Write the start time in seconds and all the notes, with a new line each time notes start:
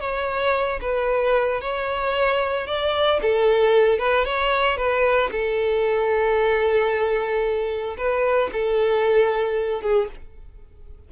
0.00 C#5
0.81 B4
1.61 C#5
2.67 D5
3.21 A4
3.98 B4
4.25 C#5
4.77 B4
5.31 A4
7.97 B4
8.52 A4
9.81 G#4